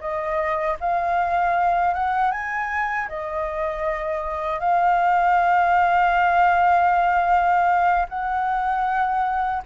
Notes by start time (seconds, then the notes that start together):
0.00 D#5
0.80 F5
1.94 F#5
2.31 G#5
3.08 D#5
4.60 F5
8.09 F#5